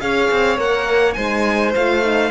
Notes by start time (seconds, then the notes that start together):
0.00 C#4 G#4 C#5 F5
0.31 C4
0.57 A#3 A#4 F#5
1.13 G#3 D#4 C5 G#5
1.75 A3 F4 F5
2.02 D#4